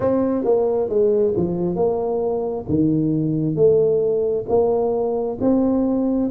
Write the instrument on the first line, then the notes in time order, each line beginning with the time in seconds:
tuba
0.00 C4
0.44 A#3
0.89 G#3
1.36 F3
1.75 A#3
2.69 D#3
3.55 A3
4.48 A#3
5.41 C4